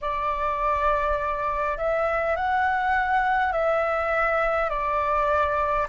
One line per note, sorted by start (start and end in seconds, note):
0.01 1.77 D5
1.77 2.35 E5
2.35 3.52 F#5
3.52 4.69 E5
4.69 5.87 D5